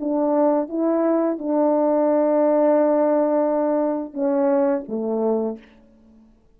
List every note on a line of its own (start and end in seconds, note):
0.00 0.69 D4
0.69 1.38 E4
1.38 4.14 D4
4.14 4.83 C#4
4.88 5.58 A3